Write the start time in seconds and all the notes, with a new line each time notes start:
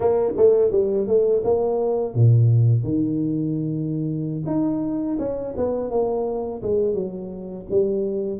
0.00 A#3
0.36 A3
0.71 G3
1.07 A3
1.44 A#3
2.14 A#2
2.83 D#3
4.46 D#4
5.18 C#4
5.56 B3
5.90 A#3
6.62 G#3
6.94 F#3
7.70 G3